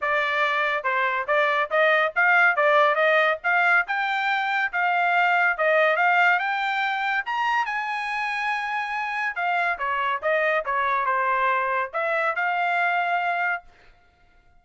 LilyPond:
\new Staff \with { instrumentName = "trumpet" } { \time 4/4 \tempo 4 = 141 d''2 c''4 d''4 | dis''4 f''4 d''4 dis''4 | f''4 g''2 f''4~ | f''4 dis''4 f''4 g''4~ |
g''4 ais''4 gis''2~ | gis''2 f''4 cis''4 | dis''4 cis''4 c''2 | e''4 f''2. | }